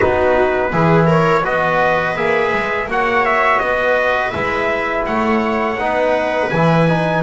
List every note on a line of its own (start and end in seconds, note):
0.00 0.73 B3
0.00 0.72 D#4
0.00 0.70 F#4
0.00 1.09 B4
0.72 1.45 E3
0.72 1.43 E4
0.72 1.06 G#4
1.06 1.42 A#4
1.06 1.45 C#5
1.43 2.16 B3
1.43 2.15 F#4
1.43 2.88 B4
1.43 2.16 D#5
2.16 2.52 A#3
2.16 2.88 G#4
2.16 2.89 E5
2.53 2.86 G#3
2.86 3.59 A#3
2.86 4.33 F#4
2.86 3.62 C#5
2.86 3.25 F#5
3.25 3.59 E5
3.59 4.33 B3
3.59 5.07 B4
3.59 4.30 D#5
4.30 5.07 G#3
4.30 5.77 E4
4.30 5.03 E5
5.06 5.78 A3
5.06 5.80 C#5
5.06 6.50 F#5
5.78 6.50 B3
5.78 6.51 D#4
5.78 7.22 B4
6.50 7.22 E3
6.50 6.88 E4
6.50 7.22 G#5
6.88 7.22 D#4